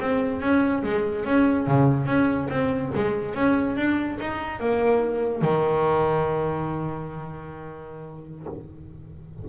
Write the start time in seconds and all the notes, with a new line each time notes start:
0.00 C4
0.41 C#4
0.83 G#3
1.25 C#4
1.67 C#3
2.06 C#4
2.50 C4
2.94 G#3
3.34 C#4
3.76 D4
4.20 D#4
4.60 A#3
5.42 D#3